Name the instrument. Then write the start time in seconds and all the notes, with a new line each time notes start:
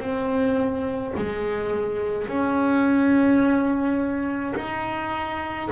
double bass
0.00 C4
1.17 G#3
2.28 C#4
4.56 D#4